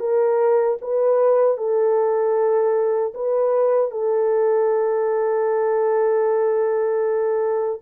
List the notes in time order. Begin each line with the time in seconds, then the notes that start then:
0.00 A#4
0.82 B4
1.58 A4
3.15 B4
3.91 A4